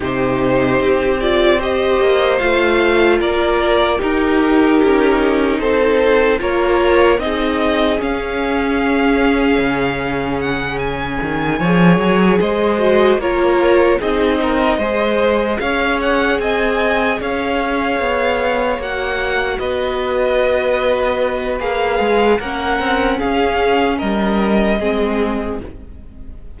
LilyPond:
<<
  \new Staff \with { instrumentName = "violin" } { \time 4/4 \tempo 4 = 75 c''4. d''8 dis''4 f''4 | d''4 ais'2 c''4 | cis''4 dis''4 f''2~ | f''4 fis''8 gis''2 dis''8~ |
dis''8 cis''4 dis''2 f''8 | fis''8 gis''4 f''2 fis''8~ | fis''8 dis''2~ dis''8 f''4 | fis''4 f''4 dis''2 | }
  \new Staff \with { instrumentName = "violin" } { \time 4/4 g'2 c''2 | ais'4 g'2 a'4 | ais'4 gis'2.~ | gis'2~ gis'8 cis''4 c''8~ |
c''8 ais'4 gis'8 ais'8 c''4 cis''8~ | cis''8 dis''4 cis''2~ cis''8~ | cis''8 b'2.~ b'8 | ais'4 gis'4 ais'4 gis'4 | }
  \new Staff \with { instrumentName = "viola" } { \time 4/4 dis'4. f'8 g'4 f'4~ | f'4 dis'2. | f'4 dis'4 cis'2~ | cis'2~ cis'8 gis'4. |
fis'8 f'4 dis'4 gis'4.~ | gis'2.~ gis'8 fis'8~ | fis'2. gis'4 | cis'2. c'4 | }
  \new Staff \with { instrumentName = "cello" } { \time 4/4 c4 c'4. ais8 a4 | ais4 dis'4 cis'4 c'4 | ais4 c'4 cis'2 | cis2 dis8 f8 fis8 gis8~ |
gis8 ais4 c'4 gis4 cis'8~ | cis'8 c'4 cis'4 b4 ais8~ | ais8 b2~ b8 ais8 gis8 | ais8 c'8 cis'4 g4 gis4 | }
>>